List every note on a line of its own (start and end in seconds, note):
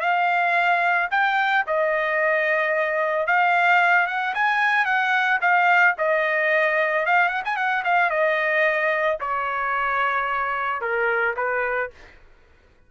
0.00 1.08 F5
1.10 1.64 G5
1.66 3.26 D#5
3.26 4.06 F5
4.06 4.33 F#5
4.34 4.85 G#5
4.85 5.39 F#5
5.41 5.95 F5
5.98 7.06 D#5
7.06 7.29 F5
7.29 7.42 F#5
7.44 7.56 G#5
7.56 7.83 F#5
7.84 8.09 F5
8.09 9.17 D#5
9.20 10.81 C#5
10.81 11.35 A#4
11.36 11.90 B4